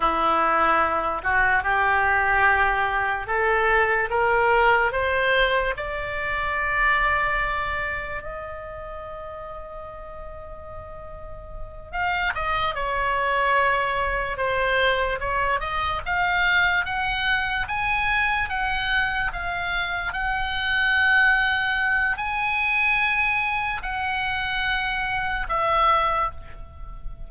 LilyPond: \new Staff \with { instrumentName = "oboe" } { \time 4/4 \tempo 4 = 73 e'4. fis'8 g'2 | a'4 ais'4 c''4 d''4~ | d''2 dis''2~ | dis''2~ dis''8 f''8 dis''8 cis''8~ |
cis''4. c''4 cis''8 dis''8 f''8~ | f''8 fis''4 gis''4 fis''4 f''8~ | f''8 fis''2~ fis''8 gis''4~ | gis''4 fis''2 e''4 | }